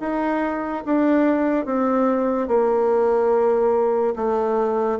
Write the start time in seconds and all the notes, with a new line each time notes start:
0.00 D#4
0.85 D4
1.65 C4
2.47 A#3
4.16 A3